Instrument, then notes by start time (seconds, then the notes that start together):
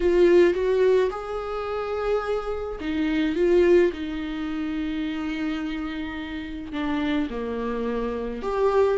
viola
0.00 F4
0.53 F#4
1.10 G#4
2.80 D#4
3.35 F4
3.92 D#4
6.72 D4
7.30 A#3
8.42 G4